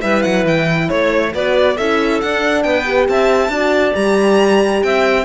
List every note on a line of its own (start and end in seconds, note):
0.00 0.24 G3
0.00 1.31 E4
0.00 0.89 B4
0.00 0.22 E5
0.22 0.45 F#3
0.22 0.44 F#5
0.45 0.88 E3
0.45 0.89 G5
0.89 1.34 A3
0.89 1.32 C#5
0.89 1.33 C#5
1.34 1.78 B3
1.34 1.77 F#4
1.34 1.75 B4
1.34 1.77 D5
1.75 2.22 C#4
1.75 2.23 E4
1.75 2.63 A4
1.75 2.20 E5
2.20 2.84 D4
2.20 2.65 D4
2.20 2.62 F#5
2.62 3.08 B3
2.62 3.09 B4
2.62 3.06 G5
2.84 3.50 G4
3.08 3.49 C4
3.08 3.53 E5
3.08 3.95 A5
3.49 3.92 D4
3.49 3.94 F#4
3.49 4.84 D5
3.94 4.82 G3
3.94 5.25 G4
3.94 4.82 A#5
4.82 5.25 C4
4.82 5.25 E5
4.82 5.25 G5